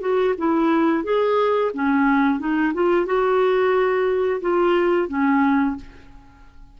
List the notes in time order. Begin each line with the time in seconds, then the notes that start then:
0.00 F#4
0.37 E4
1.04 G#4
1.74 C#4
2.39 D#4
2.73 F4
3.06 F#4
4.41 F4
5.08 C#4